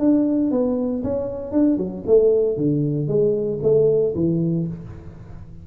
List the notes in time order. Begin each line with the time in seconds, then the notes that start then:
0.00 D4
0.51 B3
1.04 C#4
1.52 D4
1.78 F#3
2.07 A3
2.57 D3
3.08 G#3
3.63 A3
4.16 E3